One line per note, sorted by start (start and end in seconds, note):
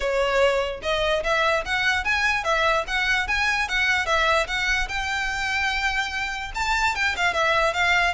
0.00 0.81 C#5
0.82 1.23 D#5
1.23 1.64 E5
1.65 2.04 F#5
2.04 2.44 G#5
2.44 2.84 E5
2.87 3.27 F#5
3.27 3.68 G#5
3.68 4.05 F#5
4.05 4.46 E5
4.47 4.88 F#5
4.88 6.51 G5
6.54 6.95 A5
6.95 7.15 G5
7.16 7.33 F5
7.33 7.73 E5
7.73 8.14 F5